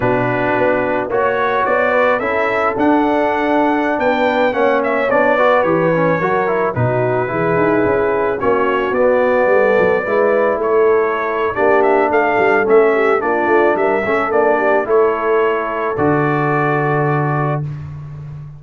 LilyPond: <<
  \new Staff \with { instrumentName = "trumpet" } { \time 4/4 \tempo 4 = 109 b'2 cis''4 d''4 | e''4 fis''2~ fis''16 g''8.~ | g''16 fis''8 e''8 d''4 cis''4.~ cis''16~ | cis''16 b'2. cis''8.~ |
cis''16 d''2. cis''8.~ | cis''4 d''8 e''8 f''4 e''4 | d''4 e''4 d''4 cis''4~ | cis''4 d''2. | }
  \new Staff \with { instrumentName = "horn" } { \time 4/4 fis'2 cis''4. b'8 | a'2.~ a'16 b'8.~ | b'16 cis''4. b'4. ais'8.~ | ais'16 fis'4 gis'2 fis'8.~ |
fis'4~ fis'16 a'4 b'4 a'8.~ | a'4 g'4 a'4. g'8 | f'4 ais'8 a'4 g'8 a'4~ | a'1 | }
  \new Staff \with { instrumentName = "trombone" } { \time 4/4 d'2 fis'2 | e'4 d'2.~ | d'16 cis'4 d'8 fis'8 g'8 cis'8 fis'8 e'16~ | e'16 dis'4 e'2 cis'8.~ |
cis'16 b2 e'4.~ e'16~ | e'4 d'2 cis'4 | d'4. cis'8 d'4 e'4~ | e'4 fis'2. | }
  \new Staff \with { instrumentName = "tuba" } { \time 4/4 b,4 b4 ais4 b4 | cis'4 d'2~ d'16 b8.~ | b16 ais4 b4 e4 fis8.~ | fis16 b,4 e8 dis'8 cis'4 ais8.~ |
ais16 b4 g8 fis8 gis4 a8.~ | a4 ais4 a8 g8 a4 | ais8 a8 g8 a8 ais4 a4~ | a4 d2. | }
>>